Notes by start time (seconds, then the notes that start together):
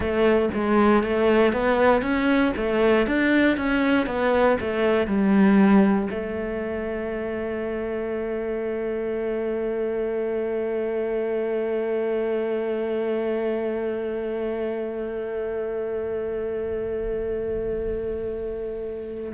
0.00 A3
0.54 G#3
1.03 A3
1.53 B3
2.02 C#4
2.56 A3
3.06 D4
3.57 C#4
4.06 B3
4.60 A3
5.06 G3
6.10 A3